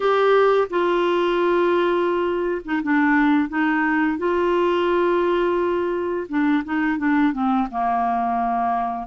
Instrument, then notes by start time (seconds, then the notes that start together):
clarinet
0.00 G4
0.69 F4
2.64 D#4
2.82 D4
3.49 D#4
4.18 F4
6.28 D4
6.64 D#4
6.98 D4
7.33 C4
7.70 A#3